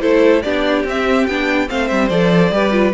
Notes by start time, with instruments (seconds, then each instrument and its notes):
0.00 cello A3, viola E4, violin A4 C5
0.42 cello B3, viola D4, violin G4 D5
0.84 cello C4, viola C4, violin E5
1.26 cello B3, viola D4, violin G5
1.68 cello A3, viola C4, violin C5 F5
1.87 cello G3, violin E5
2.09 cello F3, viola A4, violin D5
2.51 cello G3, viola G4, violin B4
2.71 viola F4